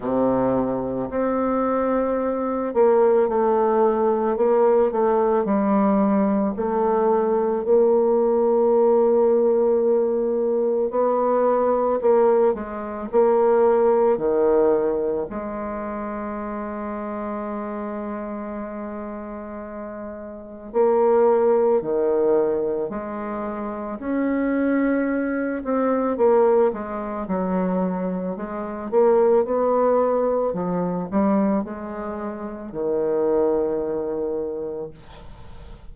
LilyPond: \new Staff \with { instrumentName = "bassoon" } { \time 4/4 \tempo 4 = 55 c4 c'4. ais8 a4 | ais8 a8 g4 a4 ais4~ | ais2 b4 ais8 gis8 | ais4 dis4 gis2~ |
gis2. ais4 | dis4 gis4 cis'4. c'8 | ais8 gis8 fis4 gis8 ais8 b4 | f8 g8 gis4 dis2 | }